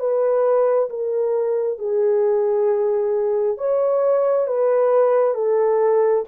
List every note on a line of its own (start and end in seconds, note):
0.00 0.90 B4
0.90 1.79 A#4
1.79 3.58 G#4
3.58 4.47 C#5
4.47 5.34 B4
5.34 6.24 A4